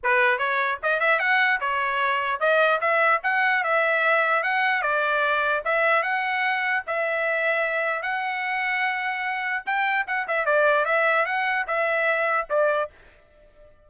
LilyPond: \new Staff \with { instrumentName = "trumpet" } { \time 4/4 \tempo 4 = 149 b'4 cis''4 dis''8 e''8 fis''4 | cis''2 dis''4 e''4 | fis''4 e''2 fis''4 | d''2 e''4 fis''4~ |
fis''4 e''2. | fis''1 | g''4 fis''8 e''8 d''4 e''4 | fis''4 e''2 d''4 | }